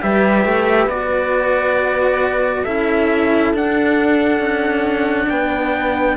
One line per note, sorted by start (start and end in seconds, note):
0.00 0.45 G3
0.00 0.88 G4
0.00 2.63 B4
0.00 0.89 E5
0.45 0.87 A3
0.87 2.63 B3
0.87 2.66 F#4
0.87 2.64 D5
2.63 3.53 C#4
2.63 3.54 E4
2.63 5.28 A4
2.63 3.52 E5
3.53 4.39 D4
3.53 6.17 D4
3.53 5.29 F#5
4.39 5.27 C#4
5.29 6.17 B3
5.29 6.17 B4
5.29 6.17 G5